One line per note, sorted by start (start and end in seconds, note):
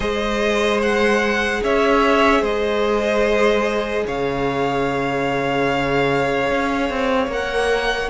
0.00 1.60 G#3
0.00 7.30 G#4
0.00 1.61 C5
0.00 0.80 D#5
0.82 1.63 F#5
1.63 2.42 C#4
1.63 2.41 C#5
1.63 2.44 E5
2.41 4.04 G#3
2.41 4.04 C5
2.41 4.06 D#5
4.06 6.49 C#3
4.06 8.10 C#5
4.06 7.31 F5
6.50 6.89 C#4
6.89 7.27 C4
7.27 8.08 A#3
7.27 8.10 A#4
7.27 8.10 F#5